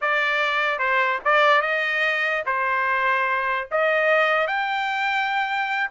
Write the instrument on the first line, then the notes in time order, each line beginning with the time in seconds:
trumpet
0.01 D5
0.78 C5
1.24 D5
1.61 D#5
2.45 C5
3.71 D#5
4.47 G5